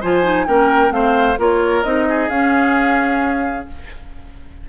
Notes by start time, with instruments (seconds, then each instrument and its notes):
0.00 bassoon F3, clarinet F4, oboe C5, flute G#5
0.23 clarinet D#4
0.46 bassoon A#3, clarinet C#4, oboe A#4, flute G5
0.89 bassoon A3, clarinet C4, oboe C5, flute F5
1.38 bassoon A#3, clarinet F4, oboe A#4, flute C#5
1.83 bassoon C4, clarinet D#4, flute D#5
2.09 oboe G#4
2.28 bassoon C#4, clarinet C#4, flute F5